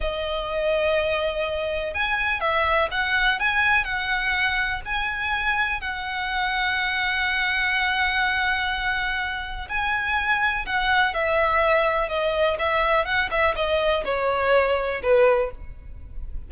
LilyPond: \new Staff \with { instrumentName = "violin" } { \time 4/4 \tempo 4 = 124 dis''1 | gis''4 e''4 fis''4 gis''4 | fis''2 gis''2 | fis''1~ |
fis''1 | gis''2 fis''4 e''4~ | e''4 dis''4 e''4 fis''8 e''8 | dis''4 cis''2 b'4 | }